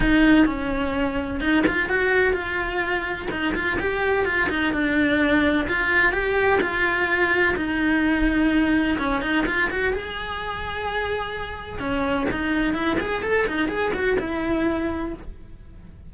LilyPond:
\new Staff \with { instrumentName = "cello" } { \time 4/4 \tempo 4 = 127 dis'4 cis'2 dis'8 f'8 | fis'4 f'2 dis'8 f'8 | g'4 f'8 dis'8 d'2 | f'4 g'4 f'2 |
dis'2. cis'8 dis'8 | f'8 fis'8 gis'2.~ | gis'4 cis'4 dis'4 e'8 gis'8 | a'8 dis'8 gis'8 fis'8 e'2 | }